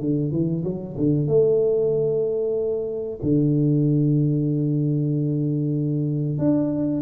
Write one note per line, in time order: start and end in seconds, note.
0.00 0.32 D3
0.32 0.64 E3
0.64 0.96 F#3
0.97 1.28 D3
1.28 3.19 A3
3.22 6.39 D3
6.39 7.02 D4